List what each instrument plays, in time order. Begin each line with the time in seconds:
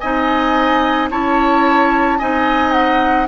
0.00 bassoon C4, clarinet D#4, oboe D#5, flute G#5
1.11 bassoon C#4, clarinet E4, oboe C#5, flute A5
2.19 bassoon C4, clarinet D#4, oboe D#5, flute G#5
2.72 flute F#5